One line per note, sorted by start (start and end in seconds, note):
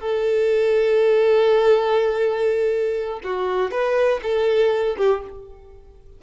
0.00 3.20 A4
3.24 3.71 F#4
3.71 4.20 B4
4.22 4.96 A4
4.97 5.22 G4